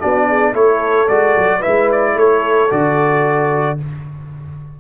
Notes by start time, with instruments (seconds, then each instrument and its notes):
0.00 tuba B3, trombone D4, horn F#4, trumpet D5
0.29 horn G#4
0.52 tuba A3, trombone E4, horn A4, trumpet C#5
1.08 tuba G#3, trombone F#4, trumpet D5
1.38 tuba F#3
1.60 trombone E4, horn B4, trumpet E5
1.67 tuba G#3
1.92 trumpet D5
2.15 tuba A3, horn A4, trumpet C#5
2.70 tuba D3, trombone F#4, trumpet D5